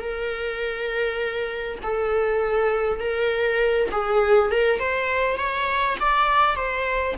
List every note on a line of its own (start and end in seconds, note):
0.00 1.78 A#4
1.83 2.99 A4
2.99 3.89 A#4
3.91 4.51 G#4
4.51 4.79 A#4
4.79 5.37 C5
5.37 5.96 C#5
5.99 6.55 D5
6.55 7.15 C5